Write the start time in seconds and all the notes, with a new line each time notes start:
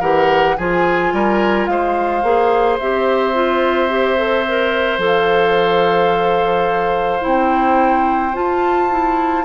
0.00 E3 G4 A#4 F#5
0.57 F3 F4 G#4 G#5
1.13 G3 A#4
1.66 G#3 C5 F5
2.23 A#3 G#4
2.79 C4 G4 E5
3.33 F4
3.89 G4
4.17 A4
4.48 A#4
4.98 F3 A4
5.05 F5
7.20 C4 E4 G5
8.33 F4 A5
8.90 E4